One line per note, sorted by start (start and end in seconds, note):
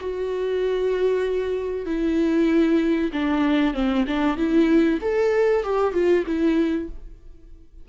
0.00 1.86 F#4
1.86 3.11 E4
3.13 3.74 D4
3.74 4.05 C4
4.07 4.37 D4
4.37 4.99 E4
5.01 5.64 A4
5.64 5.93 G4
5.93 6.25 F4
6.26 6.89 E4